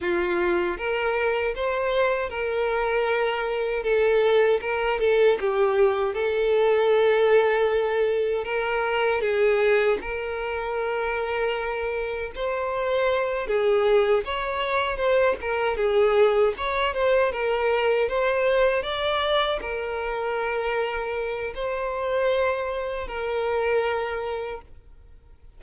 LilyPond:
\new Staff \with { instrumentName = "violin" } { \time 4/4 \tempo 4 = 78 f'4 ais'4 c''4 ais'4~ | ais'4 a'4 ais'8 a'8 g'4 | a'2. ais'4 | gis'4 ais'2. |
c''4. gis'4 cis''4 c''8 | ais'8 gis'4 cis''8 c''8 ais'4 c''8~ | c''8 d''4 ais'2~ ais'8 | c''2 ais'2 | }